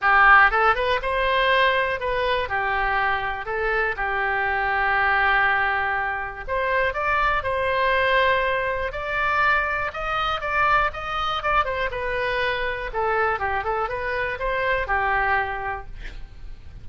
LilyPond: \new Staff \with { instrumentName = "oboe" } { \time 4/4 \tempo 4 = 121 g'4 a'8 b'8 c''2 | b'4 g'2 a'4 | g'1~ | g'4 c''4 d''4 c''4~ |
c''2 d''2 | dis''4 d''4 dis''4 d''8 c''8 | b'2 a'4 g'8 a'8 | b'4 c''4 g'2 | }